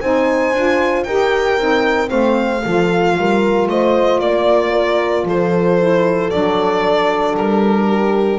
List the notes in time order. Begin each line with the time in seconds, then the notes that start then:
0.00 C4 D#4 C5 G#5
0.51 D4 F4
1.03 D#4 G4 A#4 G5
1.57 C4 D#4
2.07 A3 C4 C5 F5
2.62 F3 F4 A4
3.17 G3 A#4
3.67 A3 C5 D#5
4.19 A#3 D5
4.72 A#4
5.23 F3 A4 C5
5.78 E4
6.30 F#3 D4 D5
7.36 G3 A#4
7.88 G4